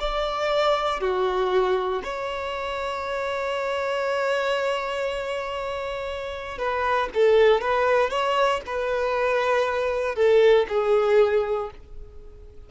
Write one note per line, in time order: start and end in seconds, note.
0.00 1.01 D5
1.01 2.02 F#4
2.04 6.59 C#5
6.59 7.10 B4
7.15 7.61 A4
7.61 8.10 B4
8.10 8.61 C#5
8.66 10.16 B4
10.16 10.66 A4
10.69 11.70 G#4